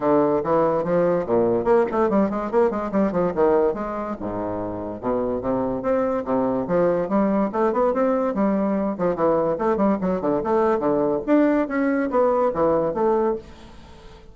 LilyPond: \new Staff \with { instrumentName = "bassoon" } { \time 4/4 \tempo 4 = 144 d4 e4 f4 ais,4 | ais8 a8 g8 gis8 ais8 gis8 g8 f8 | dis4 gis4 gis,2 | b,4 c4 c'4 c4 |
f4 g4 a8 b8 c'4 | g4. f8 e4 a8 g8 | fis8 d8 a4 d4 d'4 | cis'4 b4 e4 a4 | }